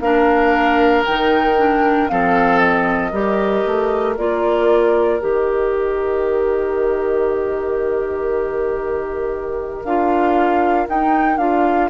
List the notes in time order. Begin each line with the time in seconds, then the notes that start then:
0.00 A#3 D4 A#4 F5
1.05 D#3 D#4 G5
1.57 D4
2.09 F3 C4 A4 F5
2.59 D#5
3.11 G3 G4 A#4
3.66 A3
4.17 A#3 F4 D5
5.20 D#3 G4 D#5
9.84 D4 F4 F5
10.88 D#4 G5
11.38 D4 F4 F5